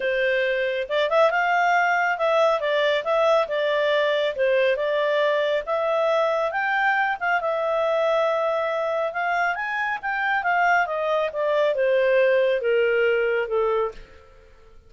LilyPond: \new Staff \with { instrumentName = "clarinet" } { \time 4/4 \tempo 4 = 138 c''2 d''8 e''8 f''4~ | f''4 e''4 d''4 e''4 | d''2 c''4 d''4~ | d''4 e''2 g''4~ |
g''8 f''8 e''2.~ | e''4 f''4 gis''4 g''4 | f''4 dis''4 d''4 c''4~ | c''4 ais'2 a'4 | }